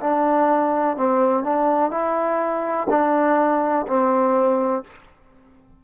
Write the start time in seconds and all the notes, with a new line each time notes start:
0.00 D4
0.96 C4
1.43 D4
1.90 E4
2.89 D4
3.87 C4